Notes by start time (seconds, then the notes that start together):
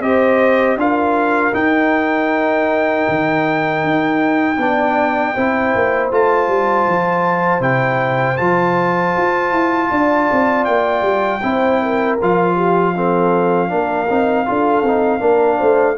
0.00 C4 G4 C5 D#5
0.76 D4 F4 A#4 F5
1.52 D#4 G5
3.08 D#3
3.84 D#4
4.57 B3 D4 D5
5.34 C4 E4 C5
5.75 A#3
6.11 A3 F4 A5
6.48 G3
6.87 F3
7.60 C3 E4 G5
8.37 F3 F4 A5
9.17 F4
9.51 E4
9.91 D4 D5
10.32 C4
10.64 A#3 G5
11.02 G3
11.42 C4 E4 C5
11.82 A#4
12.21 F3 F4 F5
12.55 G4
12.95 C4 A4
13.69 A#3 D4 A#4
14.09 C4 D#4
14.46 D4 F4 A4
14.82 C4 D#4
15.19 A#3 D4 A#4
15.57 A3 C5